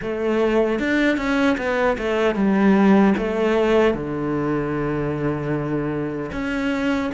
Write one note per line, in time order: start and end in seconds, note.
0.02 0.79 A3
0.79 1.17 D4
1.17 1.56 C#4
1.57 1.97 B3
1.98 2.35 A3
2.35 3.14 G3
3.17 3.94 A3
3.94 6.31 D3
6.32 7.11 C#4